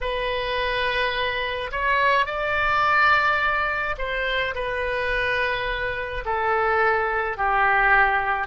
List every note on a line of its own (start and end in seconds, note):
0.01 1.70 B4
1.71 2.26 C#5
2.26 3.96 D5
3.97 4.54 C5
4.54 6.24 B4
6.25 7.37 A4
7.37 8.46 G4